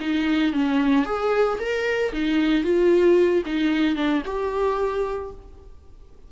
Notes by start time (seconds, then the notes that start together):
0.00 D#4
0.53 C#4
1.05 G#4
1.59 A#4
2.12 D#4
2.63 F4
3.46 D#4
3.96 D4
4.25 G4